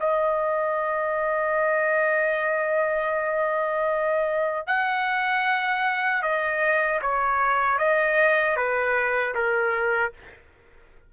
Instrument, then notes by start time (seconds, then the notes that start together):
trumpet
0.00 D#5
4.67 F#5
6.22 D#5
7.02 C#5
7.79 D#5
8.56 B4
9.35 A#4